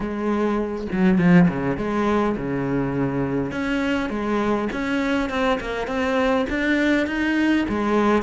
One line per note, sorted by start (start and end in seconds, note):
0.00 0.87 G#3
0.92 1.18 F#3
1.18 1.47 F3
1.48 1.77 C#3
1.77 2.36 G#3
2.36 3.51 C#3
3.51 4.09 C#4
4.09 4.68 G#3
4.72 5.29 C#4
5.29 5.59 C4
5.60 5.87 A#3
5.87 6.45 C4
6.49 7.06 D4
7.06 7.65 D#4
7.68 8.22 G#3